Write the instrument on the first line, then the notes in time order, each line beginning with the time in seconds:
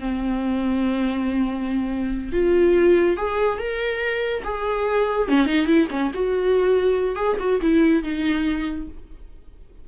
viola
0.00 C4
2.32 F4
3.17 G#4
3.58 A#4
4.44 G#4
5.28 C#4
5.46 D#4
5.66 E4
5.90 C#4
6.14 F#4
7.15 G#4
7.39 F#4
7.61 E4
8.03 D#4